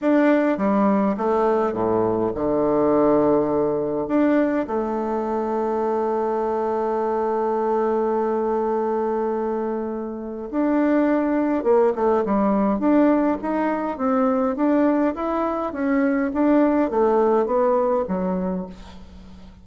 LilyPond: \new Staff \with { instrumentName = "bassoon" } { \time 4/4 \tempo 4 = 103 d'4 g4 a4 a,4 | d2. d'4 | a1~ | a1~ |
a2 d'2 | ais8 a8 g4 d'4 dis'4 | c'4 d'4 e'4 cis'4 | d'4 a4 b4 fis4 | }